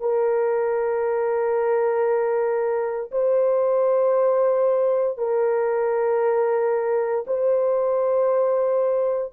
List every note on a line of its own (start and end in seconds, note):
0.00 3.10 A#4
3.11 5.18 C5
5.18 7.25 A#4
7.27 9.33 C5